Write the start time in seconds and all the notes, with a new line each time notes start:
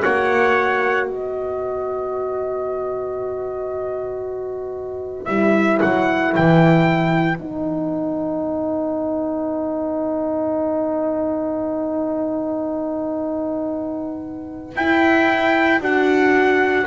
0.00 A#3 F#4 C#5 F#5
1.08 B3 B4 D#5
5.25 G3 E4 E5
5.81 F#3 F#5
6.36 E3 G5
7.37 B3 D#4 F#5
14.76 E4 G5
15.80 D4 F#4 F#5